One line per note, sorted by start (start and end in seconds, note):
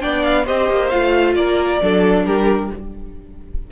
0.00 0.48 B3
0.00 0.45 D4
0.00 0.44 D5
0.00 0.23 G5
0.23 0.45 F5
0.44 0.70 C4
0.44 0.91 G4
0.44 1.34 C5
0.44 0.89 D#5
0.70 0.92 A#3
0.89 1.35 A3
0.89 1.81 F4
0.89 1.33 F5
1.35 1.80 A#3
1.35 1.82 A#4
1.35 2.24 D5
1.81 2.25 F#3
1.81 2.71 D4
1.81 2.25 A4
2.25 2.70 G3
2.25 2.70 G4
2.25 2.70 A#4